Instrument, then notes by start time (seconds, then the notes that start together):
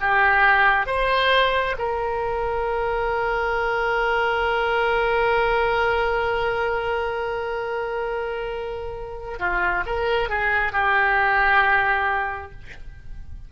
oboe
0.00 G4
0.86 C5
1.78 A#4
9.39 F4
9.85 A#4
10.29 G#4
10.72 G4